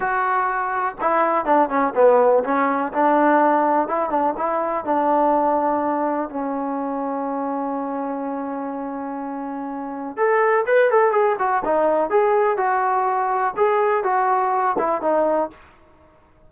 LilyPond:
\new Staff \with { instrumentName = "trombone" } { \time 4/4 \tempo 4 = 124 fis'2 e'4 d'8 cis'8 | b4 cis'4 d'2 | e'8 d'8 e'4 d'2~ | d'4 cis'2.~ |
cis'1~ | cis'4 a'4 b'8 a'8 gis'8 fis'8 | dis'4 gis'4 fis'2 | gis'4 fis'4. e'8 dis'4 | }